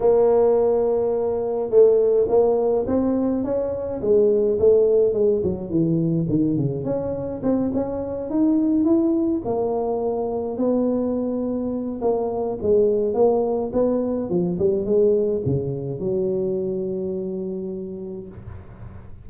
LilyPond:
\new Staff \with { instrumentName = "tuba" } { \time 4/4 \tempo 4 = 105 ais2. a4 | ais4 c'4 cis'4 gis4 | a4 gis8 fis8 e4 dis8 cis8 | cis'4 c'8 cis'4 dis'4 e'8~ |
e'8 ais2 b4.~ | b4 ais4 gis4 ais4 | b4 f8 g8 gis4 cis4 | fis1 | }